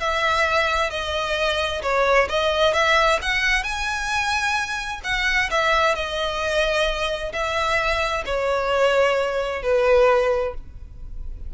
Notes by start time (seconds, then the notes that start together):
0.00 E5
0.90 D#5
1.83 C#5
2.29 D#5
2.74 E5
3.22 F#5
3.64 G#5
5.04 F#5
5.51 E5
5.95 D#5
7.33 E5
8.26 C#5
9.63 B4